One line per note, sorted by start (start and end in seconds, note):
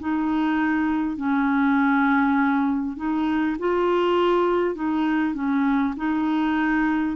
0.00 1.17 D#4
1.17 2.97 C#4
2.97 3.57 D#4
3.59 4.76 F4
4.76 5.35 D#4
5.35 5.95 C#4
5.97 7.17 D#4